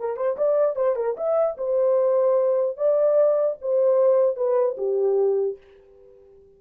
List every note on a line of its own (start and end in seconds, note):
0.00 0.17 A#4
0.17 0.37 C5
0.37 0.76 D5
0.76 0.96 C5
0.96 1.16 A#4
1.17 1.57 E5
1.57 2.77 C5
2.77 3.57 D5
3.62 4.37 C5
4.37 4.77 B4
4.78 5.58 G4